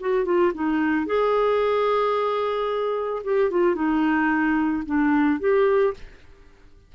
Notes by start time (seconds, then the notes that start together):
0.00 F#4
0.25 F4
0.54 D#4
1.06 G#4
3.23 G4
3.50 F4
3.75 D#4
4.86 D4
5.40 G4